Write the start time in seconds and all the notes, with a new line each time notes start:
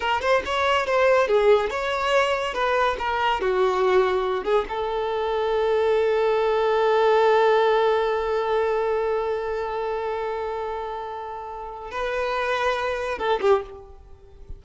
0.00 A#4
0.21 C5
0.45 C#5
0.86 C5
1.27 G#4
1.70 C#5
2.53 B4
2.99 A#4
3.40 F#4
4.44 G#4
4.68 A4
11.91 B4
13.18 A4
13.40 G4